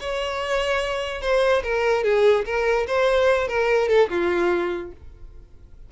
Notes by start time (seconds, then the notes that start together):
0.00 C#5
1.21 C5
1.63 A#4
2.04 G#4
2.45 A#4
2.87 C5
3.48 A#4
3.89 A4
4.09 F4